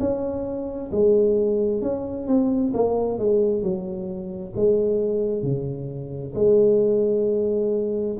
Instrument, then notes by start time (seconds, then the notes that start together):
tuba
0.00 C#4
0.91 G#3
1.82 C#4
2.27 C4
2.74 A#3
3.19 G#3
3.63 F#3
4.56 G#3
5.43 C#3
6.35 G#3